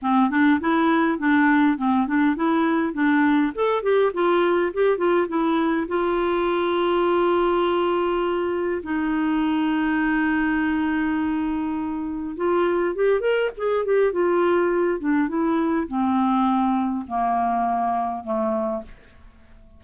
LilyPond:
\new Staff \with { instrumentName = "clarinet" } { \time 4/4 \tempo 4 = 102 c'8 d'8 e'4 d'4 c'8 d'8 | e'4 d'4 a'8 g'8 f'4 | g'8 f'8 e'4 f'2~ | f'2. dis'4~ |
dis'1~ | dis'4 f'4 g'8 ais'8 gis'8 g'8 | f'4. d'8 e'4 c'4~ | c'4 ais2 a4 | }